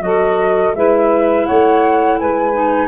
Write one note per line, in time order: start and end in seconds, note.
0.00 0.72 F#3
0.00 0.73 F#4
0.00 0.76 A4
0.00 0.74 D#5
0.74 1.47 G#3
0.74 2.53 E4
0.74 1.46 B4
0.74 1.46 E5
1.46 2.22 A3
1.46 2.18 C#5
1.46 2.19 F#5
2.19 2.88 G#3
2.19 2.88 B4
2.19 2.88 G#5
2.53 2.88 D#4